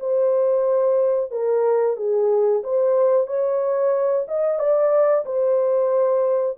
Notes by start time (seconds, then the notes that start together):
0.00 C5
1.31 A#4
1.97 G#4
2.63 C5
3.27 C#5
4.28 D#5
4.59 D5
5.25 C5